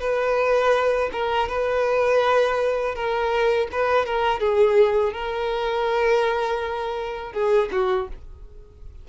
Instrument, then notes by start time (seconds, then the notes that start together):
violin
0.00 B4
1.12 A#4
1.48 B4
2.94 A#4
3.71 B4
4.05 A#4
4.39 G#4
5.13 A#4
7.32 G#4
7.71 F#4